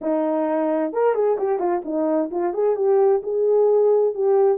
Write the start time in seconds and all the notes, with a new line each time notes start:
0.01 D#4
0.93 A#4
1.14 G#4
1.38 G4
1.59 F4
1.84 D#4
2.30 F4
2.53 G#4
2.76 G4
3.22 G#4
4.14 G4